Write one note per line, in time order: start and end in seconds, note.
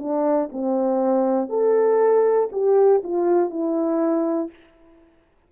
0.00 0.50 D4
0.52 1.50 C4
1.50 2.50 A4
2.52 3.02 G4
3.04 3.51 F4
3.51 4.51 E4